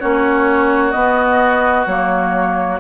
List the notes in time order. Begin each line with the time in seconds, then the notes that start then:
0.00 A#3 C#4 F#4 C#5
0.91 B3 D#5
1.87 F#3 A#3 C#5